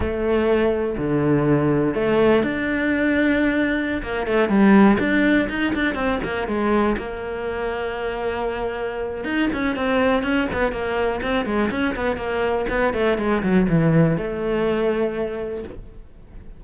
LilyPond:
\new Staff \with { instrumentName = "cello" } { \time 4/4 \tempo 4 = 123 a2 d2 | a4 d'2.~ | d'16 ais8 a8 g4 d'4 dis'8 d'16~ | d'16 c'8 ais8 gis4 ais4.~ ais16~ |
ais2. dis'8 cis'8 | c'4 cis'8 b8 ais4 c'8 gis8 | cis'8 b8 ais4 b8 a8 gis8 fis8 | e4 a2. | }